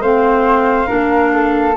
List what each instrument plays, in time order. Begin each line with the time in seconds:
0.00 tuba A3, clarinet C4, flute C5 F5
0.86 tuba A#3, clarinet D4, flute A#4
1.34 flute A4